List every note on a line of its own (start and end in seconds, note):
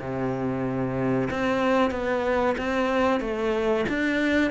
0.00 1.29 C3
1.30 1.91 C4
1.91 2.55 B3
2.58 3.21 C4
3.21 3.85 A3
3.89 4.51 D4